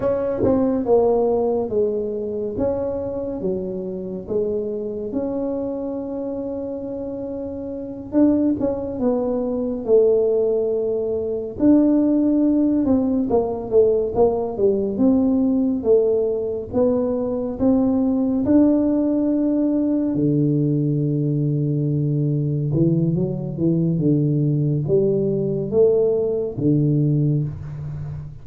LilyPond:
\new Staff \with { instrumentName = "tuba" } { \time 4/4 \tempo 4 = 70 cis'8 c'8 ais4 gis4 cis'4 | fis4 gis4 cis'2~ | cis'4. d'8 cis'8 b4 a8~ | a4. d'4. c'8 ais8 |
a8 ais8 g8 c'4 a4 b8~ | b8 c'4 d'2 d8~ | d2~ d8 e8 fis8 e8 | d4 g4 a4 d4 | }